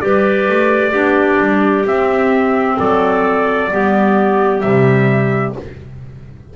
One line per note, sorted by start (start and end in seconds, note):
0.00 0.49 G3
0.00 0.92 G4
0.00 0.91 B4
0.00 1.85 D5
0.49 0.93 A3
0.91 1.39 B3
0.91 1.85 D4
0.91 2.75 G4
1.40 1.85 G3
1.85 2.77 C4
1.85 3.70 C4
1.85 2.79 E5
2.78 3.72 F#3
2.78 3.70 A4
2.78 4.61 D5
3.71 4.64 G3
3.71 4.63 B3
3.71 5.56 G4
4.61 5.56 C3
4.61 5.55 G3
4.61 5.53 E5